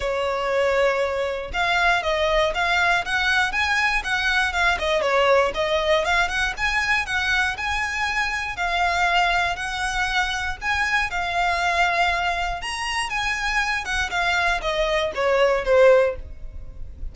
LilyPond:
\new Staff \with { instrumentName = "violin" } { \time 4/4 \tempo 4 = 119 cis''2. f''4 | dis''4 f''4 fis''4 gis''4 | fis''4 f''8 dis''8 cis''4 dis''4 | f''8 fis''8 gis''4 fis''4 gis''4~ |
gis''4 f''2 fis''4~ | fis''4 gis''4 f''2~ | f''4 ais''4 gis''4. fis''8 | f''4 dis''4 cis''4 c''4 | }